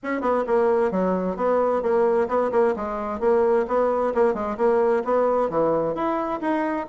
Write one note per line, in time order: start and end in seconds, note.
0.03 0.21 C#4
0.21 0.44 B3
0.46 0.91 A#3
0.91 1.36 F#3
1.36 1.82 B3
1.82 2.28 A#3
2.28 2.51 B3
2.51 2.74 A#3
2.75 3.20 G#3
3.20 3.65 A#3
3.67 4.13 B3
4.14 4.34 A#3
4.34 4.57 G#3
4.57 5.03 A#3
5.04 5.49 B3
5.49 5.94 E3
5.94 6.40 E4
6.40 6.86 D#4